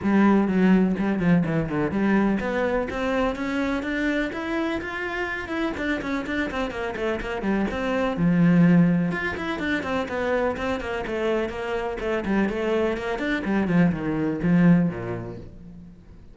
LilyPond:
\new Staff \with { instrumentName = "cello" } { \time 4/4 \tempo 4 = 125 g4 fis4 g8 f8 e8 d8 | g4 b4 c'4 cis'4 | d'4 e'4 f'4. e'8 | d'8 cis'8 d'8 c'8 ais8 a8 ais8 g8 |
c'4 f2 f'8 e'8 | d'8 c'8 b4 c'8 ais8 a4 | ais4 a8 g8 a4 ais8 d'8 | g8 f8 dis4 f4 ais,4 | }